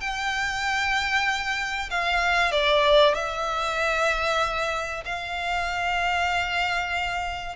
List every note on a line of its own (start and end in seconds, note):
0.00 1.89 G5
1.90 2.51 F5
2.51 3.14 D5
3.14 5.04 E5
5.05 7.55 F5